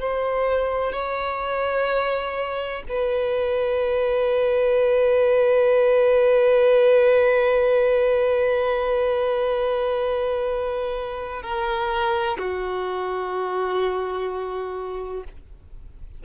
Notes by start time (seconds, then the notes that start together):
0.00 C5
0.93 C#5
2.89 B4
11.43 A#4
12.38 F#4